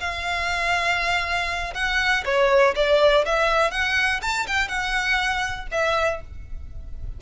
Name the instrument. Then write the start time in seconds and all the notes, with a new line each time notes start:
violin
0.00 F5
1.74 F#5
2.25 C#5
2.75 D5
3.25 E5
3.71 F#5
4.21 A5
4.47 G5
4.68 F#5
5.71 E5